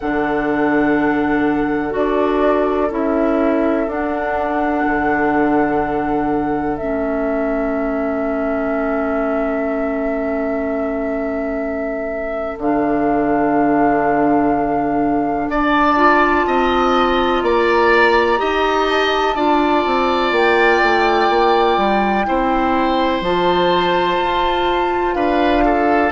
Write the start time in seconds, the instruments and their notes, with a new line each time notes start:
0.00 bassoon D3, clarinet D4, oboe A4, flute F#5
1.90 bassoon D4, clarinet F#4, flute D5
2.90 bassoon C#4, clarinet E4, flute E5
3.87 clarinet D4, bassoon D4, flute F#5
4.86 bassoon D3
6.76 bassoon A3, clarinet C#4, flute E5
12.57 bassoon D3, clarinet D4, flute F5
15.48 bassoon D4, oboe D5, flute A5
15.96 clarinet F4
16.46 bassoon C4, oboe D#5
17.41 bassoon A#3, oboe D5, flute A#5
18.37 bassoon D#4, clarinet G4, oboe D#5
18.89 flute A5
19.35 bassoon D4, clarinet F4, oboe D5
19.85 bassoon C4
20.31 bassoon A#3, flute G5
20.82 bassoon A3
21.29 bassoon A#3
21.77 bassoon G3
22.25 bassoon C4, clarinet E4, oboe C5
23.20 bassoon F3, clarinet F4, flute A5
24.20 bassoon F4
25.14 bassoon D4, oboe B4, flute F5
25.65 oboe A4